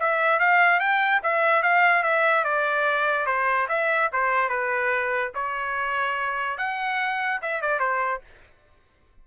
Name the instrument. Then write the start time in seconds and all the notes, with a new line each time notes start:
trumpet
0.00 E5
0.40 F5
0.80 G5
1.24 E5
1.63 F5
2.03 E5
2.45 D5
3.26 C5
3.69 E5
4.13 C5
4.49 B4
5.35 C#5
6.58 F#5
7.42 E5
7.62 D5
7.80 C5